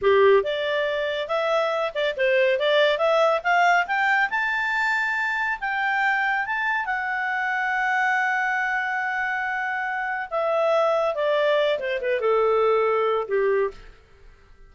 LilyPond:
\new Staff \with { instrumentName = "clarinet" } { \time 4/4 \tempo 4 = 140 g'4 d''2 e''4~ | e''8 d''8 c''4 d''4 e''4 | f''4 g''4 a''2~ | a''4 g''2 a''4 |
fis''1~ | fis''1 | e''2 d''4. c''8 | b'8 a'2~ a'8 g'4 | }